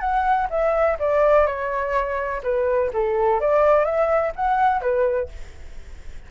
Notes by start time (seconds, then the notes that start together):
0.00 F#5
0.50 E5
0.99 D5
1.47 C#5
2.43 B4
2.94 A4
3.41 D5
3.85 E5
4.35 F#5
4.81 B4